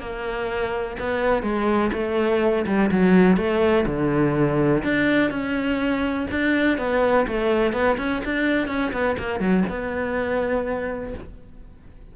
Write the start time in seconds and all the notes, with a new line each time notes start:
0.00 A#3
0.99 B3
1.43 G#3
1.93 A3
2.66 G3
2.91 F#3
3.37 A3
3.86 D3
4.83 D4
5.30 C#4
6.31 D4
6.78 B3
7.27 A3
7.73 B3
7.98 C#4
8.25 D4
8.67 C#4
8.92 B3
9.18 A#3
9.40 F#3
9.69 B3